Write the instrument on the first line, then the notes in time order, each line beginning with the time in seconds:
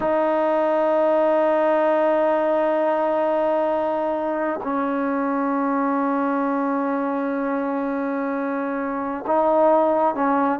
trombone
0.00 D#4
4.63 C#4
9.26 D#4
10.15 C#4